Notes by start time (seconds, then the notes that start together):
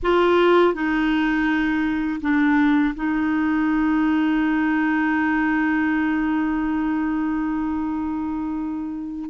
0.02 F4
0.74 D#4
2.21 D4
2.95 D#4